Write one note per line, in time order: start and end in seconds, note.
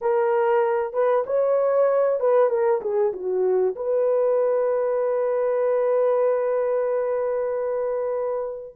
0.01 0.93 A#4
0.93 1.24 B4
1.26 2.20 C#5
2.20 2.49 B4
2.49 2.80 A#4
2.81 3.12 G#4
3.12 3.75 F#4
3.75 8.75 B4